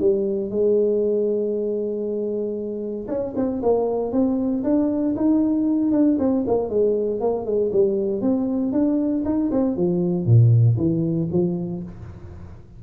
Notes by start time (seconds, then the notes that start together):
0.00 G3
0.51 G#3
3.08 C#4
3.36 C4
3.63 A#3
4.12 C4
4.64 D4
5.16 D#4
5.92 D4
6.19 C4
6.47 A#3
6.69 G#3
7.21 A#3
7.46 G#3
7.72 G3
8.21 C4
8.73 D4
9.25 D#4
9.52 C4
9.77 F3
10.26 A#2
10.78 E3
11.32 F3